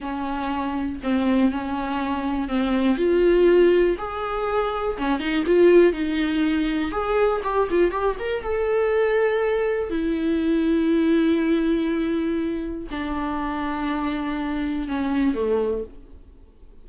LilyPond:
\new Staff \with { instrumentName = "viola" } { \time 4/4 \tempo 4 = 121 cis'2 c'4 cis'4~ | cis'4 c'4 f'2 | gis'2 cis'8 dis'8 f'4 | dis'2 gis'4 g'8 f'8 |
g'8 ais'8 a'2. | e'1~ | e'2 d'2~ | d'2 cis'4 a4 | }